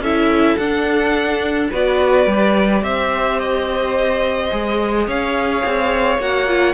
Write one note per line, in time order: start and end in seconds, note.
0.00 0.56 C#4
0.00 0.61 E4
0.00 1.71 A4
0.00 0.57 E5
0.57 1.70 D4
0.57 1.72 D4
0.57 1.70 F#5
1.71 2.27 B3
1.71 2.29 F#4
1.71 2.83 B4
1.71 2.84 D5
2.27 2.83 G3
2.27 4.51 G4
2.83 4.51 C4
2.83 5.07 C5
2.83 3.40 E5
3.40 5.08 D#5
4.51 5.07 G#3
4.51 6.19 G#4
5.07 5.63 C#4
5.07 6.74 C#5
5.07 6.22 F5
5.66 6.19 C4
6.19 6.74 A#3
6.19 6.48 F#4
6.19 6.74 F#5
6.48 6.74 F4